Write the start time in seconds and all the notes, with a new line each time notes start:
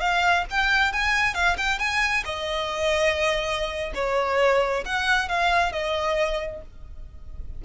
0.00 F5
0.50 G5
0.92 G#5
1.34 F5
1.57 G5
1.79 G#5
2.24 D#5
3.94 C#5
4.85 F#5
5.28 F5
5.72 D#5